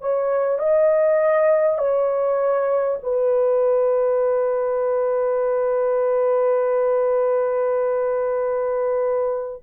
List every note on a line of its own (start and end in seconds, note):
0.00 0.58 C#5
0.58 1.78 D#5
1.78 2.98 C#5
3.03 9.63 B4